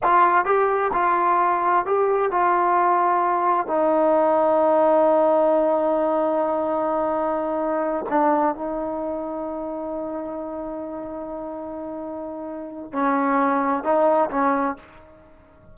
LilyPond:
\new Staff \with { instrumentName = "trombone" } { \time 4/4 \tempo 4 = 130 f'4 g'4 f'2 | g'4 f'2. | dis'1~ | dis'1~ |
dis'4. d'4 dis'4.~ | dis'1~ | dis'1 | cis'2 dis'4 cis'4 | }